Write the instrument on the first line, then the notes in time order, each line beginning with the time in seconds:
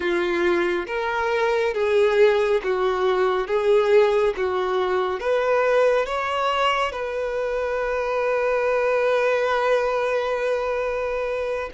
violin
0.00 F4
0.87 A#4
1.74 G#4
2.63 F#4
3.47 G#4
4.36 F#4
5.20 B4
6.06 C#5
6.91 B4